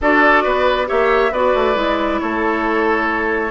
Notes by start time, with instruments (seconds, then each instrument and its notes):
0.01 bassoon D4, clarinet F#4, oboe A4, flute D5
0.43 bassoon B3, oboe B4
0.86 bassoon A#3, clarinet G4, oboe C#5, flute E5
1.31 bassoon B3, clarinet F#4, oboe B4, flute D5
1.54 bassoon A3
1.74 bassoon G#3, clarinet E4
2.19 bassoon A3, oboe A4, flute C#5